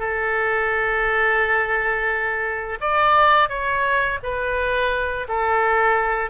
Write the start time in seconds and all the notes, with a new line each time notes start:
0.00 A4
2.81 D5
3.49 C#5
4.23 B4
5.29 A4